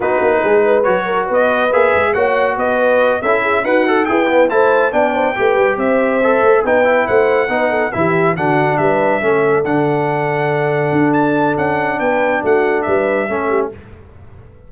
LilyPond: <<
  \new Staff \with { instrumentName = "trumpet" } { \time 4/4 \tempo 4 = 140 b'2 cis''4 dis''4 | e''4 fis''4 dis''4. e''8~ | e''8 fis''4 g''4 a''4 g''8~ | g''4. e''2 g''8~ |
g''8 fis''2 e''4 fis''8~ | fis''8 e''2 fis''4.~ | fis''2 a''4 fis''4 | g''4 fis''4 e''2 | }
  \new Staff \with { instrumentName = "horn" } { \time 4/4 fis'4 gis'8 b'4 ais'8 b'4~ | b'4 cis''4 b'4. a'8 | gis'8 fis'4 b'4 c''4 d''8 | c''8 b'4 c''2 b'8~ |
b'8 c''4 b'8 a'8 g'4 fis'8~ | fis'8 b'4 a'2~ a'8~ | a'1 | b'4 fis'4 b'4 a'8 g'8 | }
  \new Staff \with { instrumentName = "trombone" } { \time 4/4 dis'2 fis'2 | gis'4 fis'2~ fis'8 e'8~ | e'8 b'8 a'8 gis'8 b8 e'4 d'8~ | d'8 g'2 a'4 dis'8 |
e'4. dis'4 e'4 d'8~ | d'4. cis'4 d'4.~ | d'1~ | d'2. cis'4 | }
  \new Staff \with { instrumentName = "tuba" } { \time 4/4 b8 ais8 gis4 fis4 b4 | ais8 gis8 ais4 b4. cis'8~ | cis'8 dis'4 e'4 a4 b8~ | b8 a8 g8 c'4. a8 b8~ |
b8 a4 b4 e4 d8~ | d8 g4 a4 d4.~ | d4. d'4. cis'4 | b4 a4 g4 a4 | }
>>